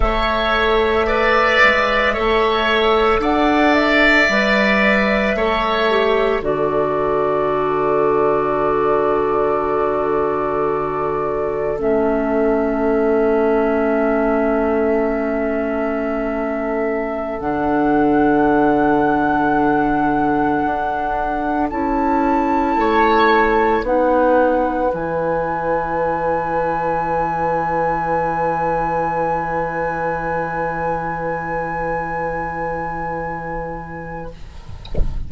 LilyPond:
<<
  \new Staff \with { instrumentName = "flute" } { \time 4/4 \tempo 4 = 56 e''2. fis''8 e''8~ | e''2 d''2~ | d''2. e''4~ | e''1~ |
e''16 fis''2.~ fis''8.~ | fis''16 a''2 fis''4 gis''8.~ | gis''1~ | gis''1 | }
  \new Staff \with { instrumentName = "oboe" } { \time 4/4 cis''4 d''4 cis''4 d''4~ | d''4 cis''4 a'2~ | a'1~ | a'1~ |
a'1~ | a'4~ a'16 cis''4 b'4.~ b'16~ | b'1~ | b'1 | }
  \new Staff \with { instrumentName = "clarinet" } { \time 4/4 a'4 b'4 a'2 | b'4 a'8 g'8 fis'2~ | fis'2. cis'4~ | cis'1~ |
cis'16 d'2.~ d'8.~ | d'16 e'2 dis'4 e'8.~ | e'1~ | e'1 | }
  \new Staff \with { instrumentName = "bassoon" } { \time 4/4 a4. gis8 a4 d'4 | g4 a4 d2~ | d2. a4~ | a1~ |
a16 d2. d'8.~ | d'16 cis'4 a4 b4 e8.~ | e1~ | e1 | }
>>